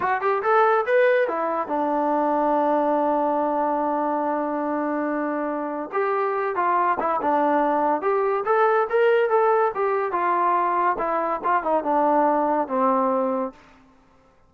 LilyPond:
\new Staff \with { instrumentName = "trombone" } { \time 4/4 \tempo 4 = 142 fis'8 g'8 a'4 b'4 e'4 | d'1~ | d'1~ | d'2 g'4. f'8~ |
f'8 e'8 d'2 g'4 | a'4 ais'4 a'4 g'4 | f'2 e'4 f'8 dis'8 | d'2 c'2 | }